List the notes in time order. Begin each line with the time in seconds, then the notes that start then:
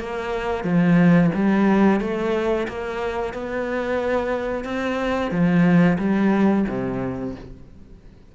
0.00 A#3
0.64 F3
1.35 G3
2.01 A3
2.68 A#3
3.34 B3
4.65 C4
5.31 F3
5.99 G3
6.69 C3